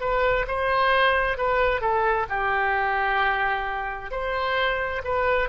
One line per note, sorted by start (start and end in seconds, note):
0.00 0.45 B4
0.47 1.37 C5
1.37 1.81 B4
1.81 2.26 A4
2.29 4.11 G4
4.11 5.02 C5
5.04 5.49 B4